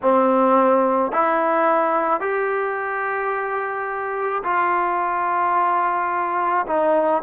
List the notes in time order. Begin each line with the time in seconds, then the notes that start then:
0.02 C4
1.12 E4
2.20 G4
4.43 F4
6.67 D#4